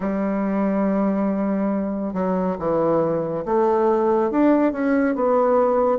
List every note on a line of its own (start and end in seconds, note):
0.00 2.14 G3
2.14 2.56 F#3
2.58 3.44 E3
3.45 4.31 A3
4.31 4.72 D4
4.72 5.15 C#4
5.15 5.98 B3